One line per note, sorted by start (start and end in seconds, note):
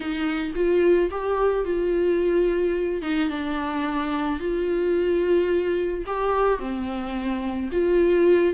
0.00 0.52 D#4
0.55 1.10 F4
1.11 1.65 G4
1.65 3.02 F4
3.02 3.29 D#4
3.29 4.39 D4
4.39 6.04 F4
6.06 6.59 G4
6.59 7.69 C4
7.72 8.54 F4